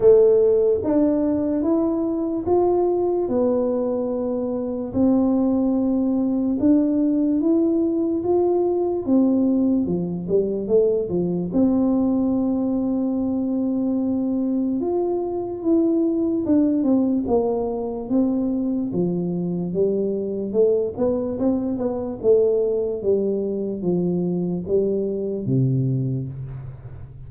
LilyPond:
\new Staff \with { instrumentName = "tuba" } { \time 4/4 \tempo 4 = 73 a4 d'4 e'4 f'4 | b2 c'2 | d'4 e'4 f'4 c'4 | f8 g8 a8 f8 c'2~ |
c'2 f'4 e'4 | d'8 c'8 ais4 c'4 f4 | g4 a8 b8 c'8 b8 a4 | g4 f4 g4 c4 | }